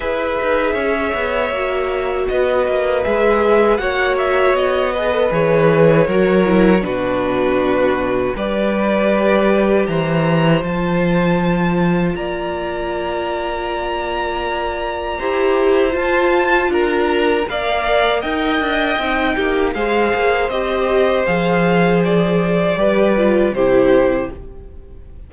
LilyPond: <<
  \new Staff \with { instrumentName = "violin" } { \time 4/4 \tempo 4 = 79 e''2. dis''4 | e''4 fis''8 e''8 dis''4 cis''4~ | cis''4 b'2 d''4~ | d''4 ais''4 a''2 |
ais''1~ | ais''4 a''4 ais''4 f''4 | g''2 f''4 dis''4 | f''4 d''2 c''4 | }
  \new Staff \with { instrumentName = "violin" } { \time 4/4 b'4 cis''2 b'4~ | b'4 cis''4. b'4. | ais'4 fis'2 b'4~ | b'4 c''2. |
d''1 | c''2 ais'4 d''4 | dis''4. g'8 c''2~ | c''2 b'4 g'4 | }
  \new Staff \with { instrumentName = "viola" } { \time 4/4 gis'2 fis'2 | gis'4 fis'4. gis'16 a'16 gis'4 | fis'8 e'8 d'2 g'4~ | g'2 f'2~ |
f'1 | g'4 f'2 ais'4~ | ais'4 dis'4 gis'4 g'4 | gis'2 g'8 f'8 e'4 | }
  \new Staff \with { instrumentName = "cello" } { \time 4/4 e'8 dis'8 cis'8 b8 ais4 b8 ais8 | gis4 ais4 b4 e4 | fis4 b,2 g4~ | g4 e4 f2 |
ais1 | e'4 f'4 d'4 ais4 | dis'8 d'8 c'8 ais8 gis8 ais8 c'4 | f2 g4 c4 | }
>>